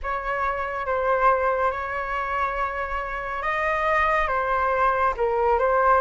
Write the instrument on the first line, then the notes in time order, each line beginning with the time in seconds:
flute
0.02 C#5
0.86 C5
1.71 C#5
3.42 D#5
4.27 C5
5.17 A#4
5.59 C5